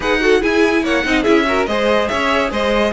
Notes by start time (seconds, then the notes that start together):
0.00 D#4 G#4 B4 F#5
0.20 F#4 A4
0.41 E4 G#4 G#5
0.83 A#3 C#5 F#5
1.03 C4 D#4 D#5
1.22 C#4 E4 G#4 E5
1.46 F#4 A#4
1.66 G#3 G#4 C5 D#5
2.08 C#4 C#5 E5
2.51 G#3 C5 D#5